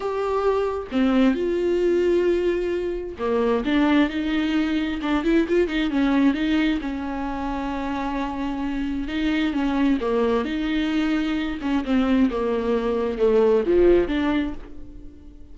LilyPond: \new Staff \with { instrumentName = "viola" } { \time 4/4 \tempo 4 = 132 g'2 c'4 f'4~ | f'2. ais4 | d'4 dis'2 d'8 e'8 | f'8 dis'8 cis'4 dis'4 cis'4~ |
cis'1 | dis'4 cis'4 ais4 dis'4~ | dis'4. cis'8 c'4 ais4~ | ais4 a4 f4 d'4 | }